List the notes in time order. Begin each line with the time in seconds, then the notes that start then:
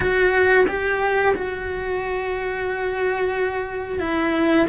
0.00 F#4
0.68 G4
1.35 F#4
3.99 E4